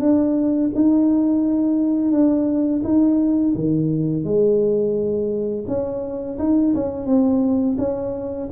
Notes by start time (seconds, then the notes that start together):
0.00 D4
0.75 D#4
2.12 D4
2.84 D#4
3.55 D#3
4.24 G#3
5.67 C#4
6.39 D#4
6.75 C#4
7.06 C4
7.78 C#4